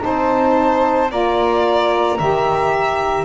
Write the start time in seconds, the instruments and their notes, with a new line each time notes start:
0.00 double bass C4, saxophone D#4, violin C5, flute A5
1.09 double bass A#3, saxophone F4, violin D5, flute A#5
2.18 double bass D#3, saxophone G4, violin E5